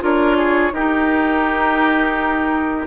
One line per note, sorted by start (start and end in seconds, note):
0.00 0.72 D4
0.00 0.71 F4
0.00 0.36 A#4
0.00 0.74 C#5
0.36 0.72 G#4
0.72 2.86 D#4
0.72 2.86 G4
0.72 2.86 A#4